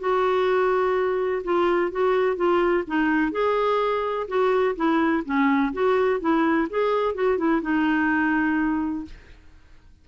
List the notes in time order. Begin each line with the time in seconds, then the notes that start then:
0.00 F#4
1.44 F4
1.91 F#4
2.37 F4
2.87 D#4
3.32 G#4
4.28 F#4
4.76 E4
5.25 C#4
5.73 F#4
6.20 E4
6.70 G#4
7.15 F#4
7.38 E4
7.62 D#4